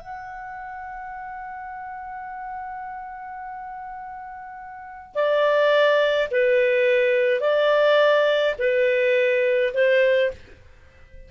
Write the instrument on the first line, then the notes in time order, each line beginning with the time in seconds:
clarinet
0.00 F#5
5.15 D5
6.31 B4
7.41 D5
8.59 B4
9.74 C5